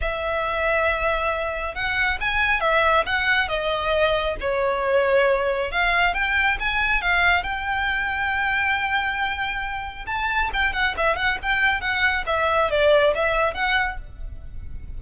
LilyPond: \new Staff \with { instrumentName = "violin" } { \time 4/4 \tempo 4 = 137 e''1 | fis''4 gis''4 e''4 fis''4 | dis''2 cis''2~ | cis''4 f''4 g''4 gis''4 |
f''4 g''2.~ | g''2. a''4 | g''8 fis''8 e''8 fis''8 g''4 fis''4 | e''4 d''4 e''4 fis''4 | }